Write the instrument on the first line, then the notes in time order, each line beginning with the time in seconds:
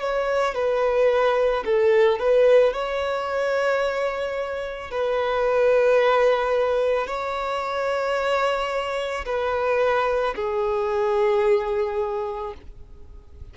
violin
0.00 C#5
0.55 B4
1.65 A4
2.19 B4
2.73 C#5
4.91 B4
7.07 C#5
9.26 B4
10.36 G#4